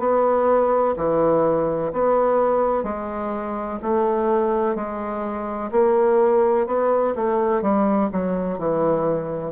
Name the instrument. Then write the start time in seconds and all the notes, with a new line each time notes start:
bassoon
0.00 B3
0.97 E3
1.93 B3
2.84 G#3
3.83 A3
4.76 G#3
5.72 A#3
6.67 B3
7.16 A3
7.62 G3
8.13 F#3
8.58 E3